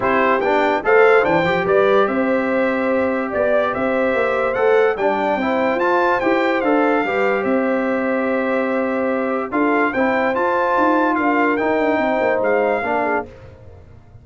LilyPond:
<<
  \new Staff \with { instrumentName = "trumpet" } { \time 4/4 \tempo 4 = 145 c''4 g''4 f''4 g''4 | d''4 e''2. | d''4 e''2 fis''4 | g''2 a''4 g''4 |
f''2 e''2~ | e''2. f''4 | g''4 a''2 f''4 | g''2 f''2 | }
  \new Staff \with { instrumentName = "horn" } { \time 4/4 g'2 c''2 | b'4 c''2. | d''4 c''2. | d''4 c''2.~ |
c''4 b'4 c''2~ | c''2. a'4 | c''2. ais'4~ | ais'4 c''2 ais'8 gis'8 | }
  \new Staff \with { instrumentName = "trombone" } { \time 4/4 e'4 d'4 a'4 d'8 g'8~ | g'1~ | g'2. a'4 | d'4 e'4 f'4 g'4 |
a'4 g'2.~ | g'2. f'4 | e'4 f'2. | dis'2. d'4 | }
  \new Staff \with { instrumentName = "tuba" } { \time 4/4 c'4 b4 a4 e8 f8 | g4 c'2. | b4 c'4 ais4 a4 | g4 c'4 f'4 e'4 |
d'4 g4 c'2~ | c'2. d'4 | c'4 f'4 dis'4 d'4 | dis'8 d'8 c'8 ais8 gis4 ais4 | }
>>